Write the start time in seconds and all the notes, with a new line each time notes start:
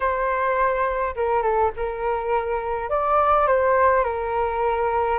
0.00 C5
1.15 A#4
1.42 A4
1.76 A#4
2.89 D5
3.47 C5
4.04 A#4